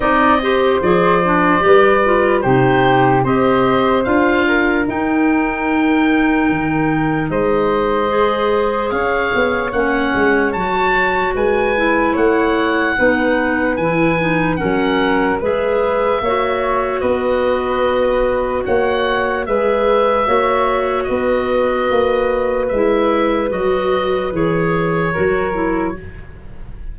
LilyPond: <<
  \new Staff \with { instrumentName = "oboe" } { \time 4/4 \tempo 4 = 74 dis''4 d''2 c''4 | dis''4 f''4 g''2~ | g''4 dis''2 f''4 | fis''4 a''4 gis''4 fis''4~ |
fis''4 gis''4 fis''4 e''4~ | e''4 dis''2 fis''4 | e''2 dis''2 | e''4 dis''4 cis''2 | }
  \new Staff \with { instrumentName = "flute" } { \time 4/4 d''8 c''4. b'4 g'4 | c''4. ais'2~ ais'8~ | ais'4 c''2 cis''4~ | cis''2 b'4 cis''4 |
b'2 ais'4 b'4 | cis''4 b'2 cis''4 | b'4 cis''4 b'2~ | b'2. ais'4 | }
  \new Staff \with { instrumentName = "clarinet" } { \time 4/4 dis'8 g'8 gis'8 d'8 g'8 f'8 dis'4 | g'4 f'4 dis'2~ | dis'2 gis'2 | cis'4 fis'4. e'4. |
dis'4 e'8 dis'8 cis'4 gis'4 | fis'1 | gis'4 fis'2. | e'4 fis'4 gis'4 fis'8 e'8 | }
  \new Staff \with { instrumentName = "tuba" } { \time 4/4 c'4 f4 g4 c4 | c'4 d'4 dis'2 | dis4 gis2 cis'8 b8 | ais8 gis8 fis4 gis4 a4 |
b4 e4 fis4 gis4 | ais4 b2 ais4 | gis4 ais4 b4 ais4 | gis4 fis4 e4 fis4 | }
>>